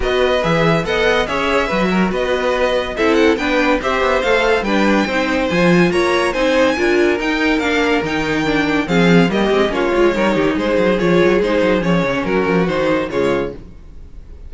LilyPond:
<<
  \new Staff \with { instrumentName = "violin" } { \time 4/4 \tempo 4 = 142 dis''4 e''4 fis''4 e''4~ | e''4 dis''2 e''8 fis''8 | g''4 e''4 f''4 g''4~ | g''4 gis''4 ais''4 gis''4~ |
gis''4 g''4 f''4 g''4~ | g''4 f''4 dis''4 cis''4~ | cis''4 c''4 cis''4 c''4 | cis''4 ais'4 c''4 cis''4 | }
  \new Staff \with { instrumentName = "violin" } { \time 4/4 b'2 dis''4 cis''4 | b'8 ais'8 b'2 a'4 | b'4 c''2 b'4 | c''2 cis''4 c''4 |
ais'1~ | ais'4 gis'4 g'4 f'4 | ais'8 g'8 gis'2.~ | gis'4 fis'2 f'4 | }
  \new Staff \with { instrumentName = "viola" } { \time 4/4 fis'4 gis'4 a'4 gis'4 | fis'2. e'4 | d'4 g'4 a'4 d'4 | dis'4 f'2 dis'4 |
f'4 dis'4 d'4 dis'4 | d'4 c'4 ais8 c'8 cis'8 f'8 | dis'2 f'4 dis'4 | cis'2 dis'4 gis4 | }
  \new Staff \with { instrumentName = "cello" } { \time 4/4 b4 e4 b4 cis'4 | fis4 b2 c'4 | b4 c'8 b8 a4 g4 | c'4 f4 ais4 c'4 |
d'4 dis'4 ais4 dis4~ | dis4 f4 g8 gis8 ais8 gis8 | g8 dis8 gis8 fis8 f8 fis8 gis8 fis8 | f8 cis8 fis8 f8 dis4 cis4 | }
>>